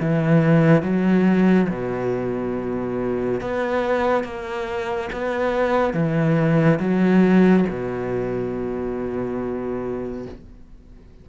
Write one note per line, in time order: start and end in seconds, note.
0.00 0.83 E3
0.83 1.68 F#3
1.69 3.41 B2
3.41 4.24 B3
4.24 5.10 A#3
5.12 5.94 B3
5.94 6.79 E3
6.80 7.66 F#3
7.69 10.26 B2